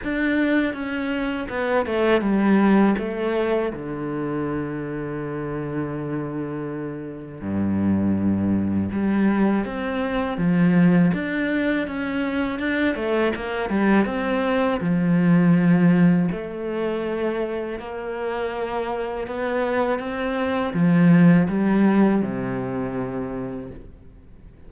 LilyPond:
\new Staff \with { instrumentName = "cello" } { \time 4/4 \tempo 4 = 81 d'4 cis'4 b8 a8 g4 | a4 d2.~ | d2 g,2 | g4 c'4 f4 d'4 |
cis'4 d'8 a8 ais8 g8 c'4 | f2 a2 | ais2 b4 c'4 | f4 g4 c2 | }